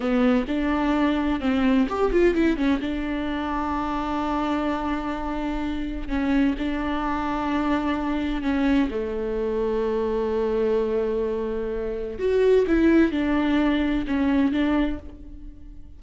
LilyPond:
\new Staff \with { instrumentName = "viola" } { \time 4/4 \tempo 4 = 128 b4 d'2 c'4 | g'8 f'8 e'8 cis'8 d'2~ | d'1~ | d'4 cis'4 d'2~ |
d'2 cis'4 a4~ | a1~ | a2 fis'4 e'4 | d'2 cis'4 d'4 | }